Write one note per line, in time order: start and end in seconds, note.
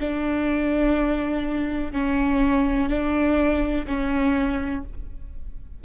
0.00 1.92 D4
1.92 2.89 C#4
2.89 3.86 D4
3.87 4.83 C#4